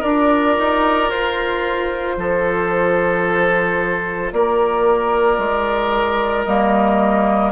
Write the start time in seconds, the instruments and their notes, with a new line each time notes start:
0.00 bassoon D4, clarinet F4, oboe A#4, flute D5
0.58 bassoon D#4
1.10 bassoon F4, flute C5
2.18 bassoon F3, oboe A4
4.33 bassoon A#3, oboe A#4, flute D5
5.39 bassoon G#3
6.45 bassoon G3, clarinet A#3, flute D#5